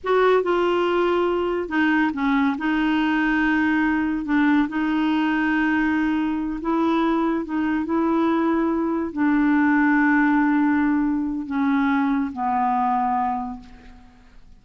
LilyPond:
\new Staff \with { instrumentName = "clarinet" } { \time 4/4 \tempo 4 = 141 fis'4 f'2. | dis'4 cis'4 dis'2~ | dis'2 d'4 dis'4~ | dis'2.~ dis'8 e'8~ |
e'4. dis'4 e'4.~ | e'4. d'2~ d'8~ | d'2. cis'4~ | cis'4 b2. | }